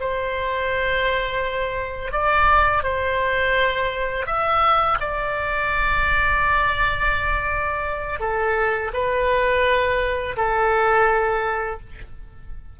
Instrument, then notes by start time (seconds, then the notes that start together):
oboe
0.00 C5
2.12 D5
2.83 C5
4.26 E5
5.00 D5
8.20 A4
8.93 B4
10.37 A4